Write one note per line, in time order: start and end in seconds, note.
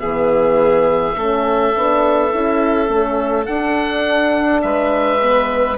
0.00 1.16 E3
0.00 1.17 B3
0.00 1.16 G#4
0.00 3.46 E5
1.16 1.74 A3
1.16 1.75 C#4
1.16 4.64 A4
1.76 2.34 B3
1.76 2.30 D4
2.30 2.89 C#4
2.30 2.88 E4
2.89 3.47 A3
2.89 3.47 C#4
3.46 4.63 D4
3.46 4.62 F#5
3.52 5.22 D4
4.62 5.79 G#3
4.62 5.79 B4
4.62 5.77 E5
5.22 5.79 B3